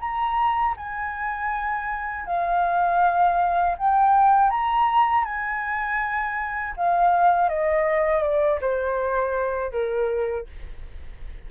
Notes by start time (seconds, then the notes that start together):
0.00 A#5
0.77 G#5
2.27 F5
3.78 G5
4.51 A#5
5.25 G#5
6.77 F5
7.49 D#5
8.23 D5
8.61 C5
9.72 A#4